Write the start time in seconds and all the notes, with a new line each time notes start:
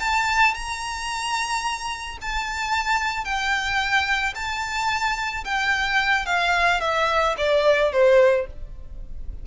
0.00 A5
0.54 A#5
2.21 A5
3.25 G5
4.35 A5
5.45 G5
6.26 F5
6.81 E5
7.38 D5
7.92 C5